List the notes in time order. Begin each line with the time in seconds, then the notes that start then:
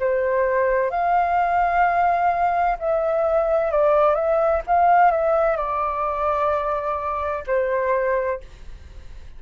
0.00 C5
0.91 F5
2.80 E5
3.72 D5
4.15 E5
4.67 F5
5.11 E5
5.57 D5
7.47 C5